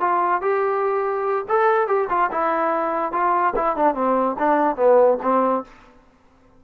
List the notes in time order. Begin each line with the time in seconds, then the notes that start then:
0.00 F4
0.41 G4
1.48 A4
1.87 G4
2.09 F4
2.31 E4
3.12 F4
3.56 E4
3.76 D4
3.95 C4
4.39 D4
4.76 B3
5.23 C4